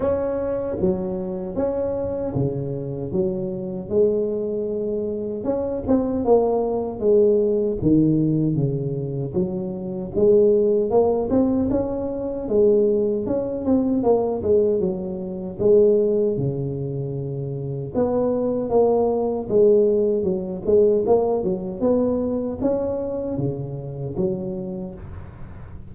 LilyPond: \new Staff \with { instrumentName = "tuba" } { \time 4/4 \tempo 4 = 77 cis'4 fis4 cis'4 cis4 | fis4 gis2 cis'8 c'8 | ais4 gis4 dis4 cis4 | fis4 gis4 ais8 c'8 cis'4 |
gis4 cis'8 c'8 ais8 gis8 fis4 | gis4 cis2 b4 | ais4 gis4 fis8 gis8 ais8 fis8 | b4 cis'4 cis4 fis4 | }